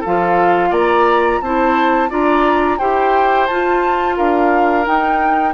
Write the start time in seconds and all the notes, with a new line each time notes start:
0.00 F3 F4 A4 F5
0.70 A#3 D5 A#5
1.41 C4 E4 C5 A5
2.09 D4 F4 D5 A#5
2.78 E4 G4 C5 G5
3.47 F4 A5
4.17 D4 A#4 F5
4.84 D#4 G5